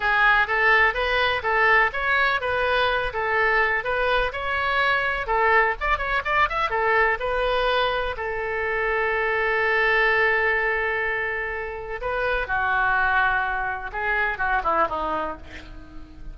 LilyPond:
\new Staff \with { instrumentName = "oboe" } { \time 4/4 \tempo 4 = 125 gis'4 a'4 b'4 a'4 | cis''4 b'4. a'4. | b'4 cis''2 a'4 | d''8 cis''8 d''8 e''8 a'4 b'4~ |
b'4 a'2.~ | a'1~ | a'4 b'4 fis'2~ | fis'4 gis'4 fis'8 e'8 dis'4 | }